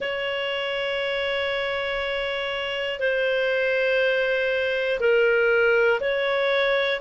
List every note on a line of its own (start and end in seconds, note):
0.00 2.99 C#5
2.99 4.99 C5
5.00 6.00 A#4
6.00 7.00 C#5